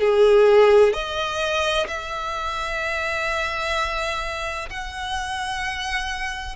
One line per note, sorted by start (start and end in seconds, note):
0.00 0.93 G#4
0.93 1.87 D#5
1.87 4.69 E5
4.69 6.55 F#5